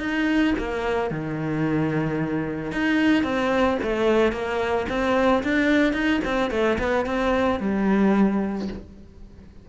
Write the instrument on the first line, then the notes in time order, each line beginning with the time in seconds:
cello
0.00 D#4
0.59 A#3
1.11 D#3
2.72 D#4
3.24 C4
3.83 A3
4.33 A#3
4.89 C4
5.44 D4
5.93 D#4
6.25 C4
6.51 A3
6.79 B3
7.06 C4
7.60 G3